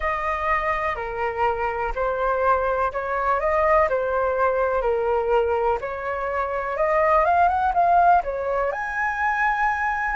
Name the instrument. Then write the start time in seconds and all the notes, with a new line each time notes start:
flute
0.00 D#5
0.95 A#4
1.95 C5
2.92 C#5
3.40 D#5
3.89 C5
4.81 A#4
5.81 C#5
6.77 D#5
7.24 F5
7.48 F#5
7.74 F5
8.23 C#5
8.72 G#5